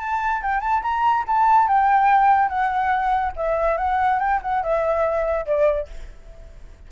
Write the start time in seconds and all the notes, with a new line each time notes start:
0.00 A5
0.43 G5
0.61 A5
0.83 A#5
1.27 A5
1.68 G5
2.49 F#5
3.37 E5
3.78 F#5
4.20 G5
4.42 F#5
4.63 E5
5.46 D5